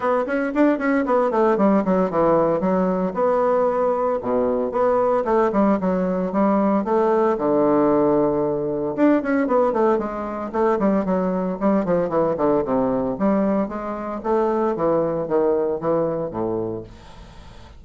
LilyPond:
\new Staff \with { instrumentName = "bassoon" } { \time 4/4 \tempo 4 = 114 b8 cis'8 d'8 cis'8 b8 a8 g8 fis8 | e4 fis4 b2 | b,4 b4 a8 g8 fis4 | g4 a4 d2~ |
d4 d'8 cis'8 b8 a8 gis4 | a8 g8 fis4 g8 f8 e8 d8 | c4 g4 gis4 a4 | e4 dis4 e4 a,4 | }